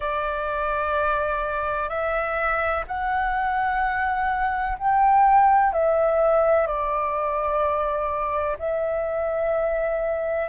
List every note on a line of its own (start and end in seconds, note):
0.00 1.89 D5
1.89 2.84 E5
2.87 4.77 F#5
4.78 5.72 G5
5.72 6.66 E5
6.66 8.57 D5
8.58 10.48 E5